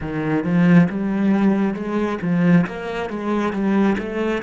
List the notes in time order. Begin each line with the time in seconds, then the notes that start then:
0.00 D#3
0.44 F3
0.89 G3
1.74 G#3
2.22 F3
2.66 A#3
3.09 G#3
3.53 G3
3.98 A3